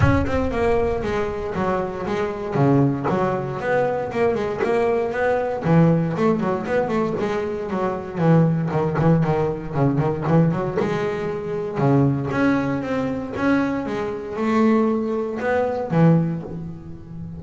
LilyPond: \new Staff \with { instrumentName = "double bass" } { \time 4/4 \tempo 4 = 117 cis'8 c'8 ais4 gis4 fis4 | gis4 cis4 fis4 b4 | ais8 gis8 ais4 b4 e4 | a8 fis8 b8 a8 gis4 fis4 |
e4 dis8 e8 dis4 cis8 dis8 | e8 fis8 gis2 cis4 | cis'4 c'4 cis'4 gis4 | a2 b4 e4 | }